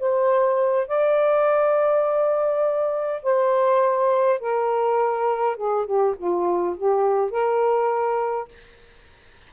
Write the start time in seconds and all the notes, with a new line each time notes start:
0.00 C5
0.88 D5
3.24 C5
4.40 A#4
5.57 G#4
5.86 G4
6.18 F4
6.77 G4
7.31 A#4